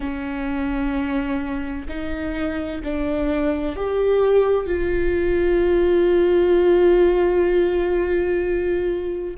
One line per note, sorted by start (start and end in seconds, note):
0.00 1.87 C#4
1.88 2.82 D#4
2.83 3.76 D4
3.76 4.66 G4
4.66 9.35 F4